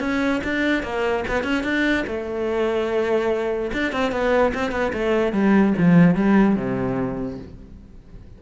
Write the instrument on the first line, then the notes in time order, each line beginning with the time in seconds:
cello
0.00 C#4
0.44 D4
0.83 A#3
1.28 B3
1.43 C#4
1.63 D4
2.07 A3
3.73 D4
3.92 C4
4.12 B3
4.54 C4
4.72 B3
4.93 A3
5.33 G3
5.78 F3
6.15 G3
6.56 C3